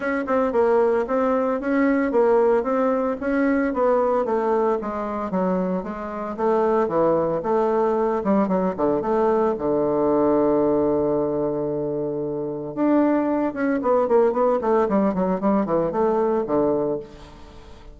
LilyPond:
\new Staff \with { instrumentName = "bassoon" } { \time 4/4 \tempo 4 = 113 cis'8 c'8 ais4 c'4 cis'4 | ais4 c'4 cis'4 b4 | a4 gis4 fis4 gis4 | a4 e4 a4. g8 |
fis8 d8 a4 d2~ | d1 | d'4. cis'8 b8 ais8 b8 a8 | g8 fis8 g8 e8 a4 d4 | }